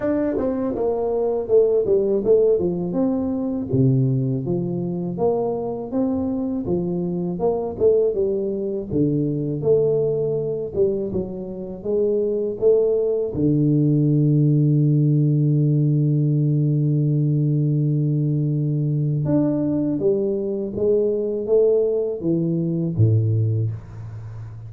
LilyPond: \new Staff \with { instrumentName = "tuba" } { \time 4/4 \tempo 4 = 81 d'8 c'8 ais4 a8 g8 a8 f8 | c'4 c4 f4 ais4 | c'4 f4 ais8 a8 g4 | d4 a4. g8 fis4 |
gis4 a4 d2~ | d1~ | d2 d'4 g4 | gis4 a4 e4 a,4 | }